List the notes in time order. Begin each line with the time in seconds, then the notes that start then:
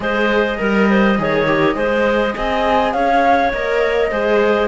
0.00 G#3 G#4 C5 D#5
0.57 G3 A#4
0.90 C5
1.18 D#3 G#4 C#5
1.46 G4
1.74 G#3 G#4 C5
2.35 C4 D#5 G#5
2.92 C#4 C#5 F5
3.52 A#3 A#4 D#5
4.10 G#3 G#4 C5